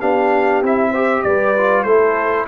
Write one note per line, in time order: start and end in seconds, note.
0.00 0.63 B3
0.00 0.64 D4
0.00 0.91 G4
0.00 0.63 F5
0.63 1.25 C4
0.63 0.95 E4
0.63 1.23 E5
0.91 1.57 G4
0.91 1.22 C5
1.23 1.85 G3
1.23 1.86 B4
1.23 1.84 D5
1.58 1.87 F4
1.84 2.46 A3
1.84 2.48 E4
1.84 2.48 A4
1.84 2.45 C5